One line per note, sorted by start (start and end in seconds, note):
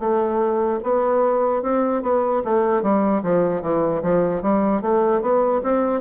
0.00 0.80 A3
0.83 1.63 B3
1.63 2.03 C4
2.03 2.43 B3
2.44 2.83 A3
2.83 3.23 G3
3.23 3.62 F3
3.62 4.02 E3
4.03 4.42 F3
4.42 4.82 G3
4.82 5.22 A3
5.22 5.62 B3
5.63 6.01 C4